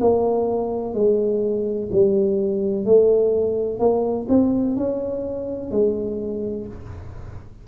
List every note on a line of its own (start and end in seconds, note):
0.00 0.94 A#3
0.94 1.89 G#3
1.92 2.85 G3
2.85 3.79 A3
3.79 4.26 A#3
4.29 4.76 C4
4.76 5.71 C#4
5.71 6.66 G#3